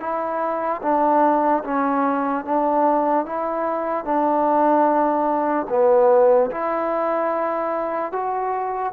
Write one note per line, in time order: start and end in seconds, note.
0.00 0.81 E4
0.82 1.63 D4
1.64 2.44 C#4
2.44 3.25 D4
3.25 4.04 E4
4.04 5.66 D4
5.69 6.50 B3
6.50 8.12 E4
8.12 8.92 F#4